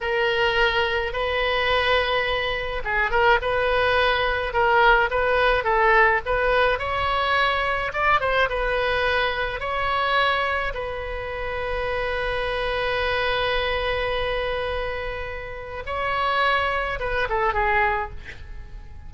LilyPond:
\new Staff \with { instrumentName = "oboe" } { \time 4/4 \tempo 4 = 106 ais'2 b'2~ | b'4 gis'8 ais'8 b'2 | ais'4 b'4 a'4 b'4 | cis''2 d''8 c''8 b'4~ |
b'4 cis''2 b'4~ | b'1~ | b'1 | cis''2 b'8 a'8 gis'4 | }